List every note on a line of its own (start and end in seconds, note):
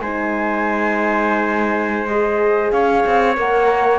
0.00 2.71 G#3
0.00 2.09 D#4
0.00 2.73 C5
0.00 2.07 G#5
2.07 3.36 G#4
2.07 2.70 D#5
2.70 3.04 C#4
2.70 3.99 C#5
2.70 3.34 F5
3.06 3.37 C4
3.36 3.99 A#3
3.36 3.99 A#4
3.36 3.99 F#5